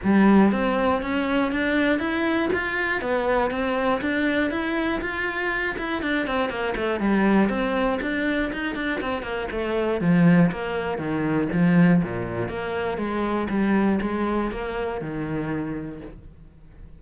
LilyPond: \new Staff \with { instrumentName = "cello" } { \time 4/4 \tempo 4 = 120 g4 c'4 cis'4 d'4 | e'4 f'4 b4 c'4 | d'4 e'4 f'4. e'8 | d'8 c'8 ais8 a8 g4 c'4 |
d'4 dis'8 d'8 c'8 ais8 a4 | f4 ais4 dis4 f4 | ais,4 ais4 gis4 g4 | gis4 ais4 dis2 | }